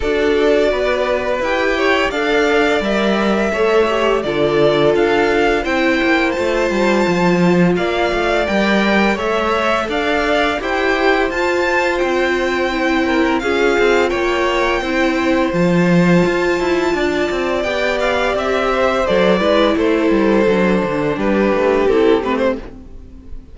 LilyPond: <<
  \new Staff \with { instrumentName = "violin" } { \time 4/4 \tempo 4 = 85 d''2 g''4 f''4 | e''2 d''4 f''4 | g''4 a''2 f''4 | g''4 e''4 f''4 g''4 |
a''4 g''2 f''4 | g''2 a''2~ | a''4 g''8 f''8 e''4 d''4 | c''2 b'4 a'8 b'16 c''16 | }
  \new Staff \with { instrumentName = "violin" } { \time 4/4 a'4 b'4. cis''8 d''4~ | d''4 cis''4 a'2 | c''2. d''4~ | d''4 cis''4 d''4 c''4~ |
c''2~ c''8 ais'8 gis'4 | cis''4 c''2. | d''2~ d''8 c''4 b'8 | a'2 g'2 | }
  \new Staff \with { instrumentName = "viola" } { \time 4/4 fis'2 g'4 a'4 | ais'4 a'8 g'8 f'2 | e'4 f'2. | ais'4 a'2 g'4 |
f'2 e'4 f'4~ | f'4 e'4 f'2~ | f'4 g'2 a'8 e'8~ | e'4 d'2 e'8 c'8 | }
  \new Staff \with { instrumentName = "cello" } { \time 4/4 d'4 b4 e'4 d'4 | g4 a4 d4 d'4 | c'8 ais8 a8 g8 f4 ais8 a8 | g4 a4 d'4 e'4 |
f'4 c'2 cis'8 c'8 | ais4 c'4 f4 f'8 e'8 | d'8 c'8 b4 c'4 fis8 gis8 | a8 g8 fis8 d8 g8 a8 c'8 a8 | }
>>